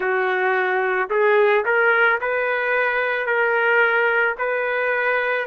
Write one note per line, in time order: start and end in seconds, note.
0.00 1.09 F#4
1.10 1.64 G#4
1.65 2.19 A#4
2.20 3.26 B4
3.26 4.35 A#4
4.38 5.46 B4